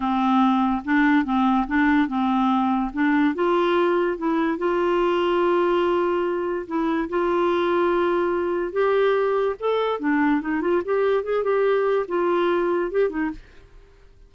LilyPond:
\new Staff \with { instrumentName = "clarinet" } { \time 4/4 \tempo 4 = 144 c'2 d'4 c'4 | d'4 c'2 d'4 | f'2 e'4 f'4~ | f'1 |
e'4 f'2.~ | f'4 g'2 a'4 | d'4 dis'8 f'8 g'4 gis'8 g'8~ | g'4 f'2 g'8 dis'8 | }